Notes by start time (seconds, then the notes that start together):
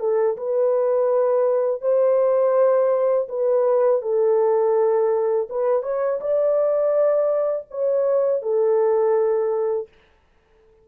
0.00 A4
0.37 B4
1.81 C5
3.28 B4
4.01 A4
5.49 B4
5.83 C#5
6.21 D5
7.71 C#5
8.42 A4